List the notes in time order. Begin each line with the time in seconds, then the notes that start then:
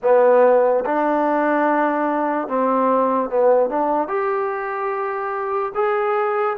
0.02 B3
0.85 D4
2.47 C4
3.29 B3
3.69 D4
4.08 G4
5.74 G#4